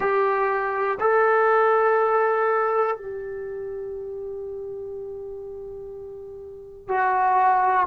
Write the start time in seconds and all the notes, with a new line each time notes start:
0.00 G4
1.00 A4
2.96 G4
6.88 F#4